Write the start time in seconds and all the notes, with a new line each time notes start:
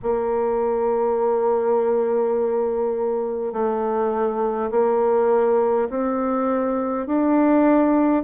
0.02 A#3
3.52 A3
4.71 A#3
5.89 C4
7.06 D4